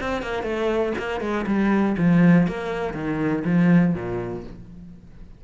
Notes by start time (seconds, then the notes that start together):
0.00 C4
0.22 A#3
0.43 A3
0.98 A#3
1.20 G#3
1.46 G3
1.97 F3
2.47 A#3
2.93 D#3
3.44 F3
3.94 A#2